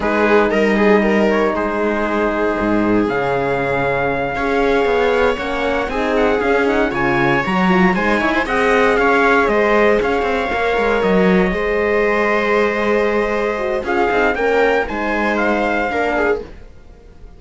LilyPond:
<<
  \new Staff \with { instrumentName = "trumpet" } { \time 4/4 \tempo 4 = 117 b'4 dis''4. cis''8 c''4~ | c''2 f''2~ | f''2~ f''8 fis''4 gis''8 | fis''8 f''8 fis''8 gis''4 ais''4 gis''8~ |
gis''8 fis''4 f''4 dis''4 f''8~ | f''4. dis''2~ dis''8~ | dis''2. f''4 | g''4 gis''4 f''2 | }
  \new Staff \with { instrumentName = "viola" } { \time 4/4 gis'4 ais'8 gis'8 ais'4 gis'4~ | gis'1~ | gis'8 cis''2. gis'8~ | gis'4. cis''2 c''8 |
cis''16 c''16 dis''4 cis''4 c''4 cis''8~ | cis''2~ cis''8 c''4.~ | c''2. gis'4 | ais'4 c''2 ais'8 gis'8 | }
  \new Staff \with { instrumentName = "horn" } { \time 4/4 dis'1~ | dis'2 cis'2~ | cis'8 gis'2 cis'4 dis'8~ | dis'8 cis'8 dis'8 f'4 fis'8 f'8 dis'8~ |
dis'8 gis'2.~ gis'8~ | gis'8 ais'2 gis'4.~ | gis'2~ gis'8 fis'8 f'8 dis'8 | cis'4 dis'2 d'4 | }
  \new Staff \with { instrumentName = "cello" } { \time 4/4 gis4 g2 gis4~ | gis4 gis,4 cis2~ | cis8 cis'4 b4 ais4 c'8~ | c'8 cis'4 cis4 fis4 gis8 |
e'8 c'4 cis'4 gis4 cis'8 | c'8 ais8 gis8 fis4 gis4.~ | gis2. cis'8 c'8 | ais4 gis2 ais4 | }
>>